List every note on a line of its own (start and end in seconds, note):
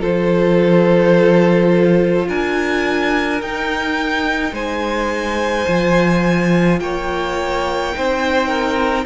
0.00 2.28 F3
0.00 3.40 F4
0.00 2.26 A4
0.00 2.28 C5
2.28 3.42 D4
2.28 4.53 A#4
2.28 3.42 G#5
3.41 5.67 D#4
3.41 4.52 D#4
3.41 4.55 G5
4.52 5.65 G#3
4.52 6.79 C5
4.52 6.80 G#5
5.67 6.80 F3
5.67 7.93 F4
6.80 7.94 A#3
6.80 7.96 C#5
6.80 9.06 G5
7.93 9.06 C4
7.93 9.06 D#4
7.93 8.48 C5
8.48 9.05 A#4